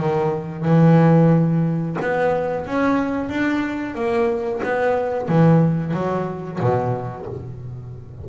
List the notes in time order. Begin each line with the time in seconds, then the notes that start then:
0.00 D#3
0.66 E3
2.02 B3
2.67 C#4
3.29 D4
3.95 A#3
4.64 B3
5.29 E3
5.94 F#3
6.61 B2